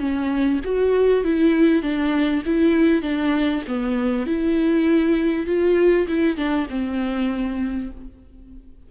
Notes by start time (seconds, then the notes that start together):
0.00 C#4
0.64 F#4
1.25 E4
1.83 D4
2.46 E4
3.02 D4
3.68 B3
4.26 E4
5.47 F4
6.08 E4
6.37 D4
6.70 C4